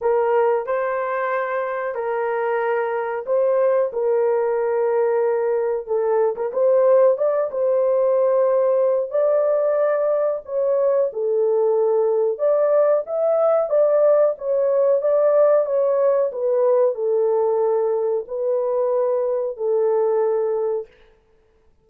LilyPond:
\new Staff \with { instrumentName = "horn" } { \time 4/4 \tempo 4 = 92 ais'4 c''2 ais'4~ | ais'4 c''4 ais'2~ | ais'4 a'8. ais'16 c''4 d''8 c''8~ | c''2 d''2 |
cis''4 a'2 d''4 | e''4 d''4 cis''4 d''4 | cis''4 b'4 a'2 | b'2 a'2 | }